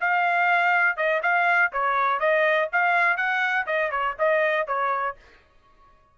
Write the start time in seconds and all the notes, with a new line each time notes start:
0.00 F5
0.96 D#5
1.22 F5
1.72 C#5
2.19 D#5
2.72 F5
3.16 F#5
3.66 D#5
3.90 C#5
4.18 D#5
4.67 C#5